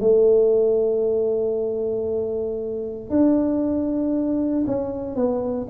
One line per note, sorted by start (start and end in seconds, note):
0.00 3.10 A3
3.10 4.65 D4
4.67 5.15 C#4
5.15 5.67 B3